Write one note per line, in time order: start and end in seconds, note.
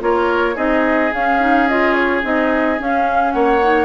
0.00 0.56 A#3
0.00 0.55 F4
0.00 0.55 A#4
0.00 0.57 C#5
0.55 1.12 C4
0.55 1.10 D#4
0.55 3.32 G#4
0.55 1.12 D#5
1.13 2.23 C#4
1.13 1.39 C#4
1.13 1.68 F5
1.39 1.67 D#4
1.68 2.22 F4
1.68 1.93 D#5
1.93 2.21 C#5
2.22 2.79 C4
2.22 2.78 D#4
2.22 2.80 D#5
2.78 3.61 C#4
2.78 3.34 C#4
2.78 3.31 F5
3.31 3.85 A#3
3.31 3.85 C#5
3.31 3.85 F#5
3.62 3.85 D#4